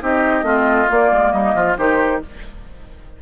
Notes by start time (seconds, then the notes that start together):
0.00 C4 D#4 G4 D#5
0.42 A3 C4 F4
0.88 A#3 D5
1.11 G#3
1.32 G3 D#4 D#5
1.55 F3 F4
1.77 D#3 D#4 G4 C5